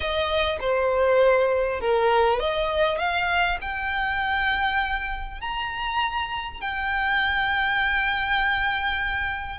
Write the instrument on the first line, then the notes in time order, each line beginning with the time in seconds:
violin
0.00 D#5
0.60 C5
1.80 A#4
2.39 D#5
2.98 F5
3.61 G5
5.40 A#5
6.61 G5